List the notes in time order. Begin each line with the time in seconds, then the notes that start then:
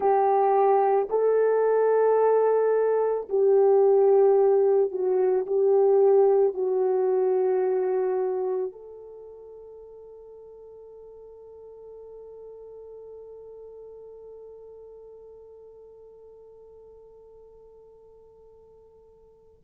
0.00 G4
1.09 A4
3.29 G4
4.91 F#4
5.46 G4
6.54 F#4
8.72 A4